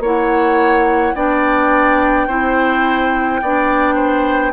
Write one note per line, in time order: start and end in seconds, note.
0.00 1.13 A#3
0.00 1.16 E4
0.00 1.15 C#5
0.00 1.15 F#5
1.15 2.28 B3
1.15 2.29 D4
1.15 2.28 D5
1.15 4.53 G5
2.28 3.41 C4
2.28 3.42 E4
2.28 3.41 C5
3.42 4.53 B3
3.42 4.53 D4
3.42 3.95 D5
3.95 4.52 C5